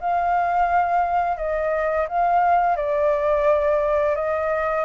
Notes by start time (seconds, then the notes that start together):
0.00 F5
1.37 D#5
2.08 F5
2.76 D5
4.15 D#5